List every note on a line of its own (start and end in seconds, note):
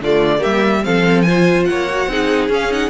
0.00 0.42 D3
0.00 0.39 A3
0.00 0.39 F4
0.00 0.43 D5
0.39 0.80 A#3
0.39 0.81 G4
0.39 0.84 E5
0.45 0.85 G3
0.84 1.69 F3
0.84 1.26 C4
0.84 1.27 A4
0.84 1.22 F5
1.22 1.88 F4
1.22 1.68 C5
1.22 1.63 G#5
1.65 2.07 A#3
1.65 2.11 C#5
1.65 2.48 F#5
1.89 2.09 F#4
2.07 2.48 C4
2.07 2.50 D#4
2.07 2.90 G#4
2.48 2.90 C#4
2.48 2.70 C#4
2.48 2.72 F5
2.70 2.90 D#4
2.70 2.90 F#5